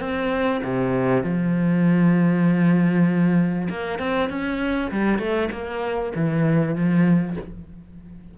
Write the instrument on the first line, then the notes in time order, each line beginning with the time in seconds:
cello
0.00 C4
0.64 C3
1.23 F3
3.70 A#3
3.99 C4
4.29 C#4
4.91 G3
5.19 A3
5.52 A#3
6.15 E3
6.75 F3